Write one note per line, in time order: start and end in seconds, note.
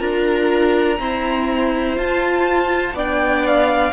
0.00 0.99 D4
0.00 0.98 F4
0.00 0.99 A#4
0.00 1.98 A#5
0.99 1.97 C4
0.99 1.98 E4
0.99 2.95 C5
1.97 2.95 F4
1.97 2.94 F4
1.97 2.97 A5
2.94 3.92 B3
2.94 3.93 D4
2.94 3.93 D5
2.94 3.47 G5
3.47 3.93 F5